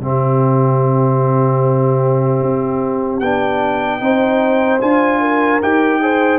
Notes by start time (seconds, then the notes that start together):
0.00 C3 C4 G4 E5
2.43 C4
3.20 B3 D4 G5
4.00 C4 D#4 C5
4.81 D4 F4 G#5
5.21 A#4
5.62 D#4 G4 G5
6.02 G#4 C5